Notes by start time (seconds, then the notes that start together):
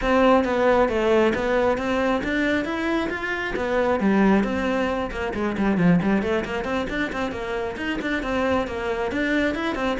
0.01 C4
0.44 B3
0.88 A3
1.34 B3
1.77 C4
2.23 D4
2.64 E4
3.09 F4
3.56 B3
4.00 G3
4.43 C4
5.11 A#3
5.34 G#3
5.57 G3
5.77 F3
6.02 G3
6.22 A3
6.44 A#3
6.64 C4
6.89 D4
7.12 C4
7.31 A#3
7.77 D#4
8.01 D4
8.23 C4
8.67 A#3
9.11 D4
9.54 E4
9.75 C4